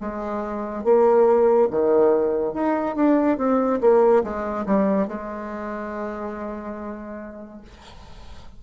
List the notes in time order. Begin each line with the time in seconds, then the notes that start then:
0.00 G#3
0.84 A#3
1.70 D#3
2.53 D#4
2.95 D4
3.37 C4
3.80 A#3
4.23 G#3
4.66 G3
5.07 G#3